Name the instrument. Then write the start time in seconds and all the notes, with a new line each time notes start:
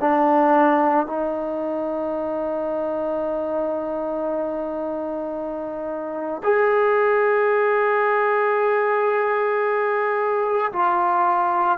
trombone
0.00 D4
1.06 D#4
6.43 G#4
10.72 F4